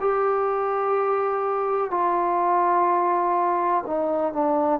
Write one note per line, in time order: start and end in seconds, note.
0.00 1.90 G4
1.90 3.84 F4
3.86 4.33 D#4
4.33 4.79 D4